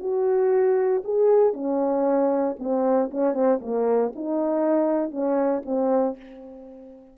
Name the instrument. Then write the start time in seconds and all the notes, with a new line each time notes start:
horn
0.00 F#4
1.04 G#4
1.54 C#4
2.59 C4
3.11 C#4
3.34 C4
3.62 A#3
4.15 D#4
5.11 C#4
5.65 C4